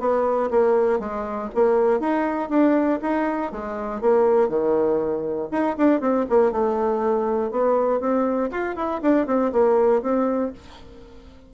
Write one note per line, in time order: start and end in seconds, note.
0.00 0.50 B3
0.51 1.00 A#3
1.00 1.50 G#3
1.55 2.00 A#3
2.00 2.50 D#4
2.50 3.00 D4
3.02 3.52 D#4
3.52 4.01 G#3
4.01 4.49 A#3
4.49 5.49 D#3
5.52 5.77 D#4
5.78 6.01 D4
6.01 6.26 C4
6.30 6.52 A#3
6.52 7.52 A3
7.52 8.01 B3
8.01 8.51 C4
8.51 8.76 F4
8.76 9.01 E4
9.02 9.27 D4
9.27 9.52 C4
9.53 10.03 A#3
10.03 10.53 C4